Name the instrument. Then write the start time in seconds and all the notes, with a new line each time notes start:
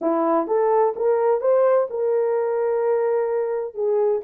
horn
0.01 E4
0.47 A4
0.96 A#4
1.40 C5
1.90 A#4
3.74 G#4